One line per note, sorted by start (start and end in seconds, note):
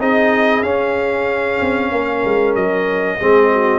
0.00 0.63 C4
0.00 0.64 D#4
0.00 1.92 G#4
0.00 0.63 D#5
0.63 1.59 C#4
0.63 3.20 C#4
0.63 2.55 F5
1.61 1.92 C4
1.92 2.24 A#3
1.92 3.19 A#4
2.25 2.55 G#3
2.55 3.19 F#3
2.55 3.80 D#5
3.19 3.80 G#3
3.19 3.80 C4
3.19 3.51 G#4
3.51 3.80 F#4